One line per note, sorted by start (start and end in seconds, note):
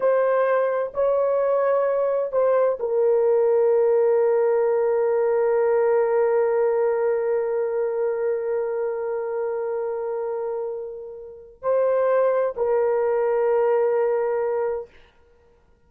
0.00 0.92 C5
0.94 2.32 C#5
2.32 2.78 C5
2.79 11.62 A#4
11.62 12.55 C5
12.56 14.89 A#4